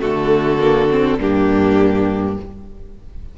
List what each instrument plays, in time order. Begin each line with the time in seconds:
0.00 cello D3, viola A3, violin F#4 A4
0.60 viola A#3
0.90 viola C4
1.19 cello G2, viola A#3, violin D4 G4